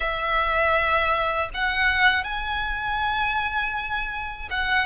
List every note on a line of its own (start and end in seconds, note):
0.00 1.49 E5
1.53 2.23 F#5
2.23 4.48 G#5
4.50 4.86 F#5